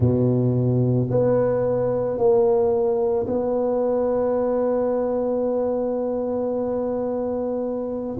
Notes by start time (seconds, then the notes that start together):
0.00 B2
1.10 B3
2.17 A#3
3.26 B3